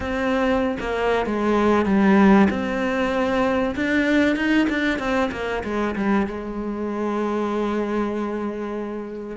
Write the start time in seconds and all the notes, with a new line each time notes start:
0.00 C4
0.80 A#3
1.26 G#3
1.85 G3
2.50 C4
3.75 D4
4.36 D#4
4.69 D4
4.99 C4
5.31 A#3
5.64 G#3
5.95 G3
6.26 G#3